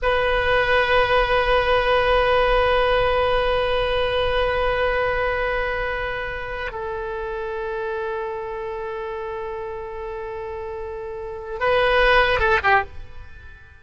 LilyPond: \new Staff \with { instrumentName = "oboe" } { \time 4/4 \tempo 4 = 150 b'1~ | b'1~ | b'1~ | b'1~ |
b'8. a'2.~ a'16~ | a'1~ | a'1~ | a'4 b'2 a'8 g'8 | }